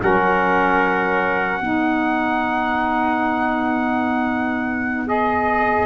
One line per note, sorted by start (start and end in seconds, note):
0.00 1.60 F#3
0.00 1.62 C#4
0.00 1.61 A#4
0.00 5.08 F#5
1.60 5.86 B3
1.60 5.07 D#4
1.60 5.86 B4
5.07 5.86 G#4
5.07 5.86 D#5